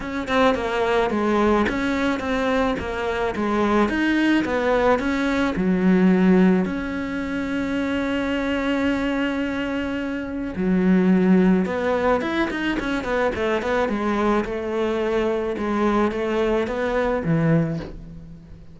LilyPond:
\new Staff \with { instrumentName = "cello" } { \time 4/4 \tempo 4 = 108 cis'8 c'8 ais4 gis4 cis'4 | c'4 ais4 gis4 dis'4 | b4 cis'4 fis2 | cis'1~ |
cis'2. fis4~ | fis4 b4 e'8 dis'8 cis'8 b8 | a8 b8 gis4 a2 | gis4 a4 b4 e4 | }